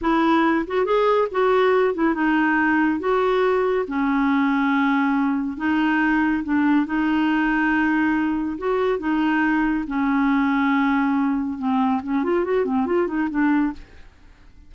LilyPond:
\new Staff \with { instrumentName = "clarinet" } { \time 4/4 \tempo 4 = 140 e'4. fis'8 gis'4 fis'4~ | fis'8 e'8 dis'2 fis'4~ | fis'4 cis'2.~ | cis'4 dis'2 d'4 |
dis'1 | fis'4 dis'2 cis'4~ | cis'2. c'4 | cis'8 f'8 fis'8 c'8 f'8 dis'8 d'4 | }